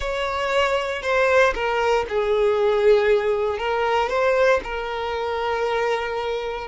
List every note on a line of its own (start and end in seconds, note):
0.00 1.02 C#5
1.02 1.53 C5
1.54 2.05 A#4
2.08 3.58 G#4
3.58 4.09 A#4
4.09 4.60 C5
4.63 6.67 A#4